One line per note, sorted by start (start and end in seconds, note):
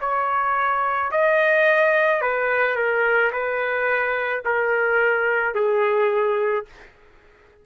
0.00 1.11 C#5
1.11 2.21 D#5
2.21 2.75 B4
2.75 3.31 A#4
3.32 4.43 B4
4.44 5.54 A#4
5.54 6.65 G#4